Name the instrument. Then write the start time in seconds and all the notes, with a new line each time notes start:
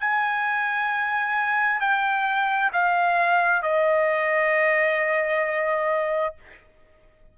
trumpet
0.00 G#5
1.81 G5
2.73 F5
3.62 D#5